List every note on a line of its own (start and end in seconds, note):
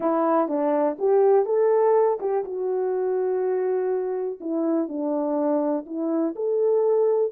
0.00 0.48 E4
0.48 0.97 D4
0.98 1.45 G4
1.45 2.18 A4
2.20 2.44 G4
2.44 4.39 F#4
4.40 4.88 E4
4.88 5.85 D4
5.86 6.34 E4
6.35 7.32 A4